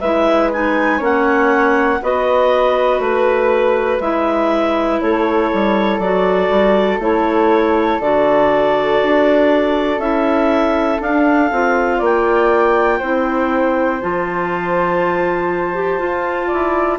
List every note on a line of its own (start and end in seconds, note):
0.00 1.00 G#3
0.00 0.53 E4
0.00 0.98 B4
0.00 0.50 E5
0.53 1.00 D#4
0.53 1.02 G#5
0.98 2.00 A#3
0.98 2.00 C#4
0.98 1.98 C#5
0.98 2.03 F#5
2.02 2.99 B3
2.02 4.01 F#4
2.02 5.03 B4
2.02 3.01 D#5
2.99 3.99 A3
2.99 4.00 B4
4.00 5.00 G#3
4.00 6.01 E4
4.00 5.00 E5
5.01 5.51 A3
5.01 11.98 A4
5.01 5.99 C#5
5.53 5.99 G3
5.99 6.49 F#3
5.99 7.00 F#4
5.99 6.99 D5
6.49 6.99 G3
6.99 7.99 A3
6.99 8.00 E4
6.99 8.01 C#5
8.00 9.00 D3
8.00 10.01 F#4
8.00 10.00 D5
9.03 9.98 D4
9.98 10.98 C#4
9.98 10.99 E4
9.98 11.00 E5
10.99 11.49 D4
10.99 11.51 D4
10.99 12.02 F5
11.52 12.01 C4
11.52 13.03 F4
11.98 13.01 A#3
11.98 12.98 D5
12.05 14.01 G5
12.98 14.01 C4
12.98 14.01 E4
12.98 16.47 C5
14.01 16.01 F3
14.01 15.74 F4
14.01 16.99 A5
15.74 15.99 G4
15.99 16.99 F4
15.99 16.51 F4
16.47 16.99 E4
16.47 16.97 D5